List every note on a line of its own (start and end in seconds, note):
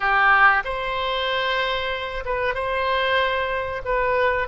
0.00 0.63 G4
0.64 2.24 C5
2.25 2.54 B4
2.54 3.82 C5
3.84 4.47 B4